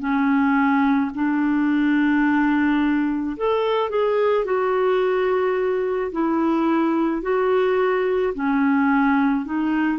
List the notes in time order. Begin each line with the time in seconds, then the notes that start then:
0.00 C#4
1.15 D4
3.37 A4
3.90 G#4
4.45 F#4
6.12 E4
7.22 F#4
8.34 C#4
9.45 D#4